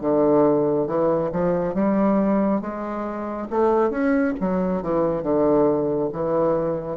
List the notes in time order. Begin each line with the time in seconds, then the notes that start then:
0.00 D3
0.87 E3
1.32 F3
1.74 G3
2.60 G#3
3.50 A3
3.90 C#4
4.40 F#3
4.82 E3
5.22 D3
6.12 E3